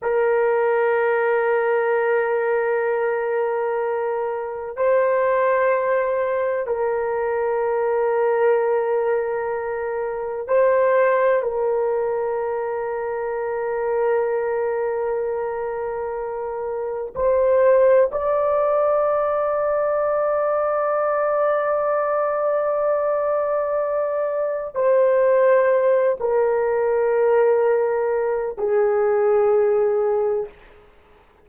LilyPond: \new Staff \with { instrumentName = "horn" } { \time 4/4 \tempo 4 = 63 ais'1~ | ais'4 c''2 ais'4~ | ais'2. c''4 | ais'1~ |
ais'2 c''4 d''4~ | d''1~ | d''2 c''4. ais'8~ | ais'2 gis'2 | }